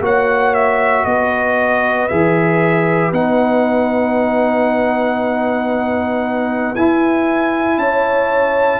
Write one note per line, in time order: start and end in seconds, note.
0.00 1.03 A#3
0.00 2.09 F#4
0.00 1.06 C#5
0.00 0.54 F#5
0.54 1.05 E5
1.05 2.08 B3
1.05 7.78 B4
1.05 2.08 D#5
2.08 3.11 E3
2.08 3.13 G#4
2.08 3.11 E5
3.11 6.73 B3
3.11 6.75 D#4
3.11 6.75 F#5
6.75 7.77 E4
6.75 8.80 E4
6.75 7.78 G#5
7.77 8.80 C#4
7.77 8.80 C#5
7.77 8.80 A5